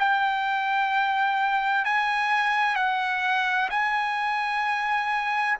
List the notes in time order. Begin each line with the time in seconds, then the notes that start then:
0.00 G5
1.85 G#5
2.76 F#5
3.70 G#5